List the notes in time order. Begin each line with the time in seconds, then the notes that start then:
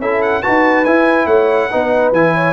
0.00 C#4 E4 A4 E5
0.22 F#5
0.43 D#4 F#4 B4 A5
0.85 E4 G#5
1.26 A3 C#5 F#5
1.71 B3 D#4 B4
2.13 E3 E4 G#5
2.35 C#5